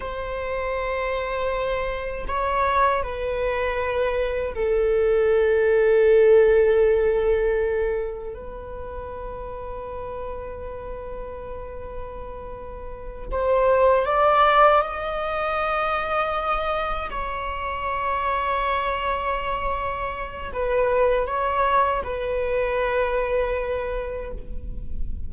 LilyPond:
\new Staff \with { instrumentName = "viola" } { \time 4/4 \tempo 4 = 79 c''2. cis''4 | b'2 a'2~ | a'2. b'4~ | b'1~ |
b'4. c''4 d''4 dis''8~ | dis''2~ dis''8 cis''4.~ | cis''2. b'4 | cis''4 b'2. | }